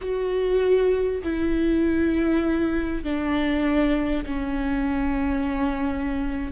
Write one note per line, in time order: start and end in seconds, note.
0.01 1.22 F#4
1.23 3.03 E4
3.03 4.25 D4
4.25 6.52 C#4